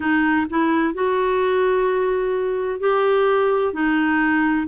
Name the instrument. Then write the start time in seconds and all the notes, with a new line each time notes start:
clarinet
0.00 D#4
0.49 E4
0.94 F#4
2.80 G4
3.73 D#4